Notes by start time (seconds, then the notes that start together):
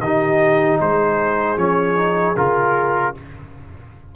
0.00 D#3 D#4 G4 D#5
0.81 G#3 G#4 C5
1.57 F3 C#4 C#5
1.96 D#4
2.37 C#3 F4 A#4